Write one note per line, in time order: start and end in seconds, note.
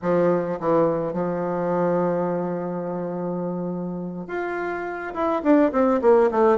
0.02 0.59 F3
0.60 1.13 E3
1.13 4.27 F3
4.27 5.13 F4
5.14 5.42 E4
5.43 5.71 D4
5.72 6.00 C4
6.01 6.30 A#3
6.31 6.58 A3